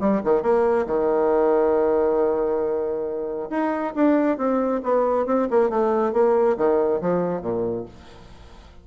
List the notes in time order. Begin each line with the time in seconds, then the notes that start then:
0.00 G3
0.24 D#3
0.42 A#3
0.87 D#3
3.50 D#4
3.95 D4
4.38 C4
4.83 B3
5.26 C4
5.50 A#3
5.70 A3
6.13 A#3
6.57 D#3
7.01 F3
7.42 A#2